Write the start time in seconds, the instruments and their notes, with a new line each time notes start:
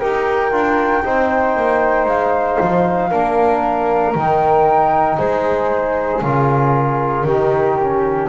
0.00 double bass D#4, trombone G4, flute A#4 G5
0.52 double bass D4, trombone F4
1.05 double bass C4, trombone D#4, flute C5
1.57 double bass A#3
2.06 double bass G#3, flute F5
2.61 double bass F3
3.10 double bass A#3, trombone D4, flute A#4
4.15 double bass D#3, trombone D#4, flute G5
5.18 double bass G#3, flute G#4 C5
6.22 double bass C#3, trombone F4, flute A#4
7.24 double bass D#3, trombone D#4, flute G4
7.81 trombone C#4